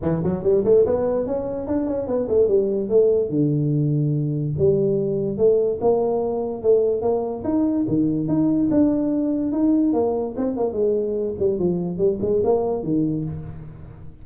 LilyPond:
\new Staff \with { instrumentName = "tuba" } { \time 4/4 \tempo 4 = 145 e8 fis8 g8 a8 b4 cis'4 | d'8 cis'8 b8 a8 g4 a4 | d2. g4~ | g4 a4 ais2 |
a4 ais4 dis'4 dis4 | dis'4 d'2 dis'4 | ais4 c'8 ais8 gis4. g8 | f4 g8 gis8 ais4 dis4 | }